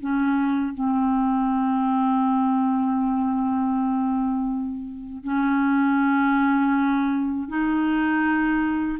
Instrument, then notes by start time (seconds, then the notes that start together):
clarinet
0.00 C#4
0.74 C4
5.23 C#4
7.48 D#4